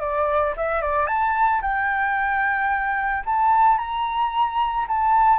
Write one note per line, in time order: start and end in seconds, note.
0.00 0.54 D5
0.57 0.82 E5
0.82 1.07 D5
1.07 1.61 A5
1.62 3.24 G5
3.26 3.78 A5
3.78 4.86 A#5
4.88 5.39 A5